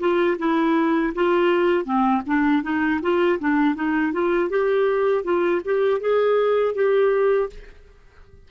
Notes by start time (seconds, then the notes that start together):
0.00 F4
0.39 E4
1.15 F4
1.85 C4
2.27 D4
2.63 D#4
3.02 F4
3.40 D4
3.76 D#4
4.13 F4
4.50 G4
5.24 F4
5.65 G4
6.01 G#4
6.75 G4